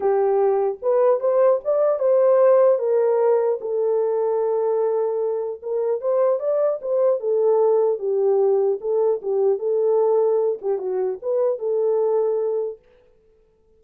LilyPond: \new Staff \with { instrumentName = "horn" } { \time 4/4 \tempo 4 = 150 g'2 b'4 c''4 | d''4 c''2 ais'4~ | ais'4 a'2.~ | a'2 ais'4 c''4 |
d''4 c''4 a'2 | g'2 a'4 g'4 | a'2~ a'8 g'8 fis'4 | b'4 a'2. | }